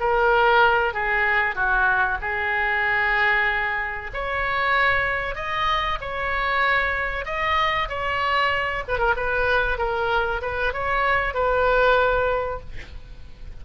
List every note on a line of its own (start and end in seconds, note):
0.00 0.93 A#4
0.93 1.55 G#4
1.55 2.18 F#4
2.21 4.11 G#4
4.14 5.35 C#5
5.35 5.98 D#5
6.01 7.25 C#5
7.25 7.88 D#5
7.89 8.83 C#5
8.88 8.99 B4
8.99 9.14 A#4
9.16 9.78 B4
9.78 10.41 A#4
10.42 10.73 B4
10.73 11.34 C#5
11.34 12.60 B4